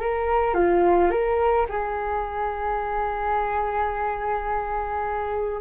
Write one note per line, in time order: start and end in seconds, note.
0.00 0.54 A#4
0.54 1.10 F4
1.10 1.66 A#4
1.69 5.61 G#4